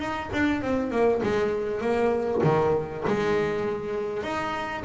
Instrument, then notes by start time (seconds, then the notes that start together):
double bass
0.00 D#4
0.33 D4
0.62 C4
0.91 A#3
1.23 G#3
1.82 A#3
2.44 D#3
3.07 G#3
4.23 D#4